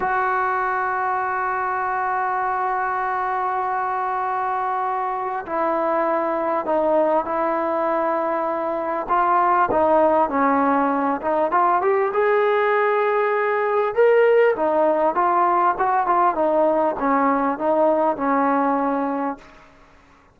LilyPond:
\new Staff \with { instrumentName = "trombone" } { \time 4/4 \tempo 4 = 99 fis'1~ | fis'1~ | fis'4 e'2 dis'4 | e'2. f'4 |
dis'4 cis'4. dis'8 f'8 g'8 | gis'2. ais'4 | dis'4 f'4 fis'8 f'8 dis'4 | cis'4 dis'4 cis'2 | }